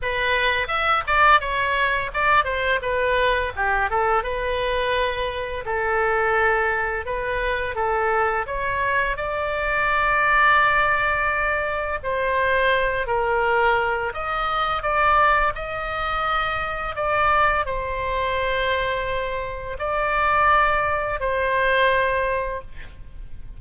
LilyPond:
\new Staff \with { instrumentName = "oboe" } { \time 4/4 \tempo 4 = 85 b'4 e''8 d''8 cis''4 d''8 c''8 | b'4 g'8 a'8 b'2 | a'2 b'4 a'4 | cis''4 d''2.~ |
d''4 c''4. ais'4. | dis''4 d''4 dis''2 | d''4 c''2. | d''2 c''2 | }